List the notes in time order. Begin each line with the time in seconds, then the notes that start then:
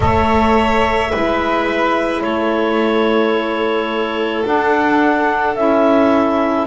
0.00 A3 A4 C#5 E5
1.11 G#3 E4 B4
2.21 A3 A4 C#5
4.43 D4 F#5
5.55 C#4 E4 E5